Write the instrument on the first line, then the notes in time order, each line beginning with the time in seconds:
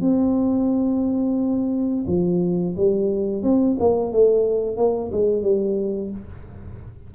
tuba
0.00 C4
2.06 F3
2.76 G3
3.42 C4
3.79 A#3
4.12 A3
4.76 A#3
5.11 G#3
5.42 G3